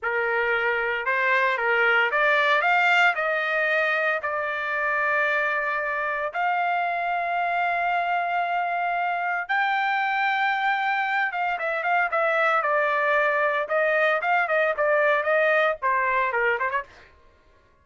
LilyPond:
\new Staff \with { instrumentName = "trumpet" } { \time 4/4 \tempo 4 = 114 ais'2 c''4 ais'4 | d''4 f''4 dis''2 | d''1 | f''1~ |
f''2 g''2~ | g''4. f''8 e''8 f''8 e''4 | d''2 dis''4 f''8 dis''8 | d''4 dis''4 c''4 ais'8 c''16 cis''16 | }